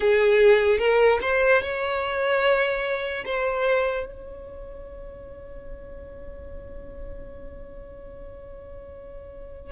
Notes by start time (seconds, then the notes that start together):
0.00 G#4
0.78 A#4
1.21 C5
1.62 C#5
3.25 C5
4.05 C#5